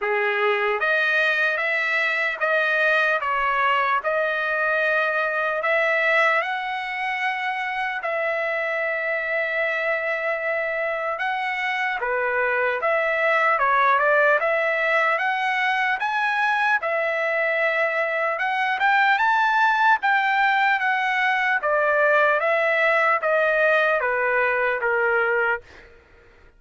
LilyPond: \new Staff \with { instrumentName = "trumpet" } { \time 4/4 \tempo 4 = 75 gis'4 dis''4 e''4 dis''4 | cis''4 dis''2 e''4 | fis''2 e''2~ | e''2 fis''4 b'4 |
e''4 cis''8 d''8 e''4 fis''4 | gis''4 e''2 fis''8 g''8 | a''4 g''4 fis''4 d''4 | e''4 dis''4 b'4 ais'4 | }